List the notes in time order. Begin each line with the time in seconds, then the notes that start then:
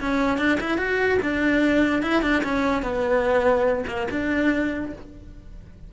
0.00 C#4
0.38 D4
0.60 E4
0.77 F#4
1.22 D4
2.02 E4
2.22 D4
2.44 C#4
2.82 B3
3.87 A#3
4.10 D4